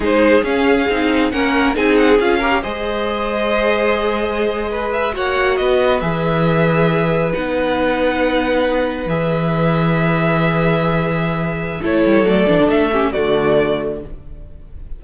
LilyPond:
<<
  \new Staff \with { instrumentName = "violin" } { \time 4/4 \tempo 4 = 137 c''4 f''2 fis''4 | gis''8 fis''8 f''4 dis''2~ | dis''2.~ dis''16 e''8 fis''16~ | fis''8. dis''4 e''2~ e''16~ |
e''8. fis''2.~ fis''16~ | fis''8. e''2.~ e''16~ | e''2. cis''4 | d''4 e''4 d''2 | }
  \new Staff \with { instrumentName = "violin" } { \time 4/4 gis'2. ais'4 | gis'4. ais'8 c''2~ | c''2~ c''8. b'4 cis''16~ | cis''8. b'2.~ b'16~ |
b'1~ | b'1~ | b'2. a'4~ | a'4. g'8 fis'2 | }
  \new Staff \with { instrumentName = "viola" } { \time 4/4 dis'4 cis'4 dis'4 cis'4 | dis'4 f'8 g'8 gis'2~ | gis'2.~ gis'8. fis'16~ | fis'4.~ fis'16 gis'2~ gis'16~ |
gis'8. dis'2.~ dis'16~ | dis'8. gis'2.~ gis'16~ | gis'2. e'4 | a8 d'4 cis'8 a2 | }
  \new Staff \with { instrumentName = "cello" } { \time 4/4 gis4 cis'4 c'4 ais4 | c'4 cis'4 gis2~ | gis2.~ gis8. ais16~ | ais8. b4 e2~ e16~ |
e8. b2.~ b16~ | b8. e2.~ e16~ | e2. a8 g8 | fis8 e16 d16 a4 d2 | }
>>